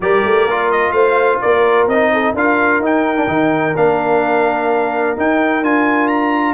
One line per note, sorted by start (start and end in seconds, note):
0.00 0.24 G3
0.00 0.48 G4
0.00 0.93 A#4
0.00 0.71 D5
0.24 0.46 A3
0.46 0.92 A#3
0.46 1.90 F4
0.71 0.92 D#5
0.92 1.38 A3
0.92 1.40 C5
0.92 1.38 F5
1.41 1.86 A#3
1.41 2.12 A#4
1.41 1.88 D5
1.86 2.33 C4
1.86 2.35 D#4
1.86 2.35 D#5
2.12 2.32 A4
2.32 2.79 D4
2.32 2.82 F4
2.32 6.53 A#4
2.32 2.83 F5
2.79 3.26 D#4
2.79 3.16 D#4
2.79 3.76 G5
3.16 3.27 D4
3.27 3.74 D#3
3.27 3.74 D#4
3.75 5.16 A#3
3.75 5.17 D4
3.75 5.17 F5
5.17 5.63 D#4
5.17 5.62 D#4
5.17 5.64 G5
5.62 6.53 D4
5.62 6.53 F4
5.62 6.07 G#5
6.07 6.53 A#5